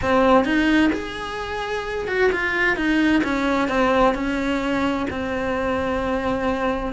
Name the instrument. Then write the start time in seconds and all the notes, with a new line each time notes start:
cello
0.01 C4
0.44 D#4
0.93 G#4
2.07 F#4
2.32 F4
2.76 D#4
3.23 C#4
3.68 C4
4.14 C#4
5.10 C4